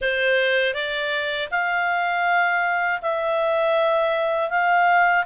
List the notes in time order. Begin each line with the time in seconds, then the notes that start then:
0.01 C5
0.74 D5
1.50 F5
3.01 E5
4.50 F5